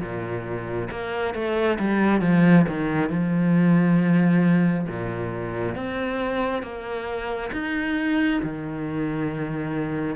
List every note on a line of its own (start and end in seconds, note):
0.00 0.88 A#2
0.90 1.34 A#3
1.34 1.78 A3
1.79 2.21 G3
2.21 2.65 F3
2.68 3.09 D#3
3.09 4.86 F3
4.87 5.76 A#2
5.76 6.62 C4
6.62 7.50 A#3
7.52 8.41 D#4
8.43 10.16 D#3